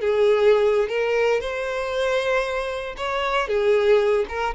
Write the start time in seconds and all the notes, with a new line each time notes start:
0.00 G#4
0.88 A#4
1.40 C5
2.97 C#5
3.47 G#4
4.28 A#4